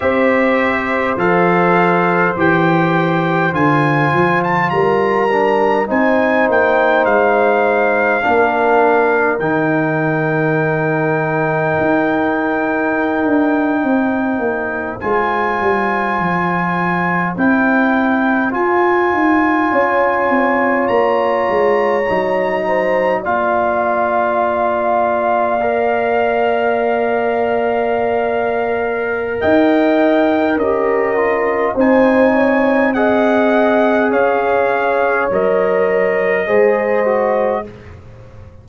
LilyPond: <<
  \new Staff \with { instrumentName = "trumpet" } { \time 4/4 \tempo 4 = 51 e''4 f''4 g''4 gis''8. a''16 | ais''4 gis''8 g''8 f''2 | g''1~ | g''8. gis''2 g''4 gis''16~ |
gis''4.~ gis''16 ais''2 f''16~ | f''1~ | f''4 g''4 dis''4 gis''4 | fis''4 f''4 dis''2 | }
  \new Staff \with { instrumentName = "horn" } { \time 4/4 c''1 | ais'4 c''2 ais'4~ | ais'2.~ ais'8. c''16~ | c''1~ |
c''8. cis''2~ cis''8 c''8 d''16~ | d''1~ | d''4 dis''4 ais'4 c''8 cis''8 | dis''4 cis''2 c''4 | }
  \new Staff \with { instrumentName = "trombone" } { \time 4/4 g'4 a'4 g'4 f'4~ | f'8 d'8 dis'2 d'4 | dis'1~ | dis'8. f'2 e'4 f'16~ |
f'2~ f'8. dis'4 f'16~ | f'4.~ f'16 ais'2~ ais'16~ | ais'2 g'8 f'8 dis'4 | gis'2 ais'4 gis'8 fis'8 | }
  \new Staff \with { instrumentName = "tuba" } { \time 4/4 c'4 f4 e4 d8 f8 | g4 c'8 ais8 gis4 ais4 | dis2 dis'4~ dis'16 d'8 c'16~ | c'16 ais8 gis8 g8 f4 c'4 f'16~ |
f'16 dis'8 cis'8 c'8 ais8 gis8 fis4 ais16~ | ais1~ | ais4 dis'4 cis'4 c'4~ | c'4 cis'4 fis4 gis4 | }
>>